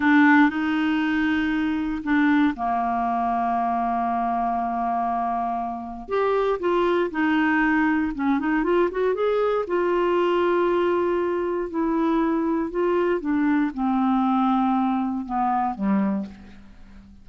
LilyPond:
\new Staff \with { instrumentName = "clarinet" } { \time 4/4 \tempo 4 = 118 d'4 dis'2. | d'4 ais2.~ | ais1 | g'4 f'4 dis'2 |
cis'8 dis'8 f'8 fis'8 gis'4 f'4~ | f'2. e'4~ | e'4 f'4 d'4 c'4~ | c'2 b4 g4 | }